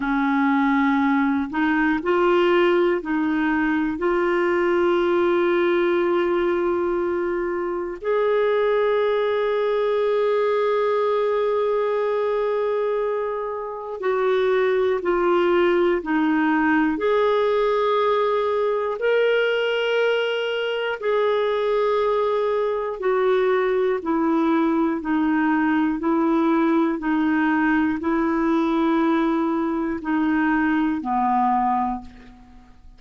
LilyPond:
\new Staff \with { instrumentName = "clarinet" } { \time 4/4 \tempo 4 = 60 cis'4. dis'8 f'4 dis'4 | f'1 | gis'1~ | gis'2 fis'4 f'4 |
dis'4 gis'2 ais'4~ | ais'4 gis'2 fis'4 | e'4 dis'4 e'4 dis'4 | e'2 dis'4 b4 | }